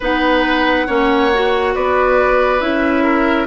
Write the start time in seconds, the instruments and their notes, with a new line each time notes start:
0.00 bassoon B3, clarinet D#4, oboe B4, flute F#5
0.87 bassoon A#3, clarinet C#4, oboe C#5
1.34 clarinet F#4
1.74 bassoon B3, oboe B4, flute D5
2.60 bassoon C#4, clarinet E4, flute E5
3.03 oboe A#4